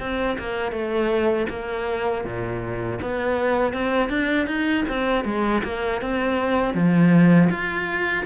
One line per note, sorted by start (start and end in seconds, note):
0.00 0.38 C4
0.39 0.72 A#3
0.72 1.47 A3
1.50 2.25 A#3
2.25 3.00 A#2
3.02 3.73 B3
3.73 4.10 C4
4.10 4.47 D4
4.47 4.85 D#4
4.89 5.25 C4
5.25 5.62 G#3
5.64 6.02 A#3
6.02 6.74 C4
6.74 7.49 F3
7.50 8.25 F4